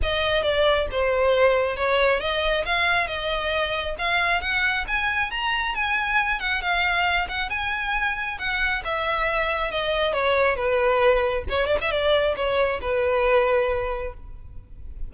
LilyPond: \new Staff \with { instrumentName = "violin" } { \time 4/4 \tempo 4 = 136 dis''4 d''4 c''2 | cis''4 dis''4 f''4 dis''4~ | dis''4 f''4 fis''4 gis''4 | ais''4 gis''4. fis''8 f''4~ |
f''8 fis''8 gis''2 fis''4 | e''2 dis''4 cis''4 | b'2 cis''8 d''16 e''16 d''4 | cis''4 b'2. | }